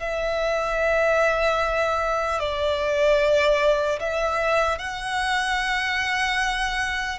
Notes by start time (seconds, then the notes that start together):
0.00 E5
2.40 D5
4.00 E5
4.79 F#5